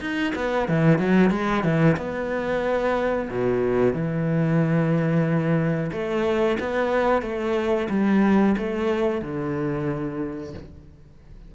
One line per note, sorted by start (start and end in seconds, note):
0.00 0.33 D#4
0.35 0.68 B3
0.68 0.98 E3
0.98 1.30 F#3
1.30 1.63 G#3
1.63 1.96 E3
1.97 3.28 B3
3.30 3.93 B2
3.93 5.91 E3
5.92 6.58 A3
6.60 7.22 B3
7.22 7.88 A3
7.89 8.55 G3
8.57 9.22 A3
9.22 10.53 D3